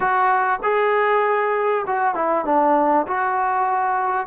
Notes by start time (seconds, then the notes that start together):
0.00 F#4
0.62 G#4
1.86 F#4
2.15 E4
2.45 D4
3.07 F#4